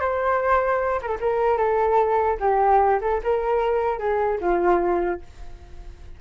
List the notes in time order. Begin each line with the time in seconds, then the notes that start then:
0.00 C5
1.02 A4 A#4
1.20 A#4
1.57 A4
2.40 G4
3.01 A4
3.23 A#4
3.99 G#4
4.41 F4